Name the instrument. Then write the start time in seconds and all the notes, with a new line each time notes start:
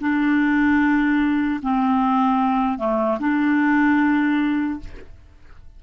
clarinet
0.00 D4
1.62 C4
2.78 A3
3.19 D4